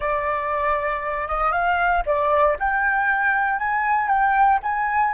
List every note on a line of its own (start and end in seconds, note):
0.00 1.28 D5
1.28 1.52 D#5
1.52 2.03 F5
2.05 2.57 D5
2.59 3.59 G5
3.59 4.08 G#5
4.08 4.59 G5
4.62 5.13 G#5